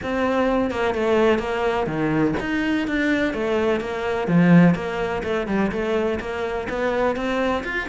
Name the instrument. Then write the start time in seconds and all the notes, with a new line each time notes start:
cello
0.02 C4
0.70 A#3
0.94 A3
1.39 A#3
1.86 D#3
2.40 D#4
2.87 D4
3.33 A3
3.80 A#3
4.27 F3
4.74 A#3
5.23 A3
5.47 G3
5.71 A3
6.19 A#3
6.69 B3
7.16 C4
7.64 F4